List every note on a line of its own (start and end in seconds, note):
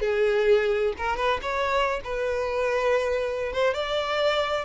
0.00 0.93 G#4
0.97 1.16 A#4
1.16 1.40 B4
1.42 2.00 C#5
2.04 3.52 B4
3.52 3.74 C5
3.74 4.64 D5